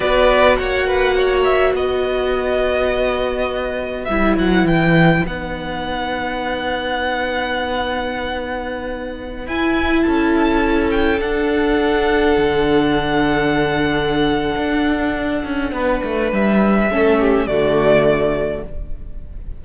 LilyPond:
<<
  \new Staff \with { instrumentName = "violin" } { \time 4/4 \tempo 4 = 103 d''4 fis''4. e''8 dis''4~ | dis''2. e''8 fis''8 | g''4 fis''2.~ | fis''1~ |
fis''16 gis''4 a''4. g''8 fis''8.~ | fis''1~ | fis''1 | e''2 d''2 | }
  \new Staff \with { instrumentName = "violin" } { \time 4/4 b'4 cis''8 b'8 cis''4 b'4~ | b'1~ | b'1~ | b'1~ |
b'4~ b'16 a'2~ a'8.~ | a'1~ | a'2. b'4~ | b'4 a'8 g'8 fis'2 | }
  \new Staff \with { instrumentName = "viola" } { \time 4/4 fis'1~ | fis'2. e'4~ | e'4 dis'2.~ | dis'1~ |
dis'16 e'2. d'8.~ | d'1~ | d'1~ | d'4 cis'4 a2 | }
  \new Staff \with { instrumentName = "cello" } { \time 4/4 b4 ais2 b4~ | b2. g8 fis8 | e4 b2.~ | b1~ |
b16 e'4 cis'2 d'8.~ | d'4~ d'16 d2~ d8.~ | d4 d'4. cis'8 b8 a8 | g4 a4 d2 | }
>>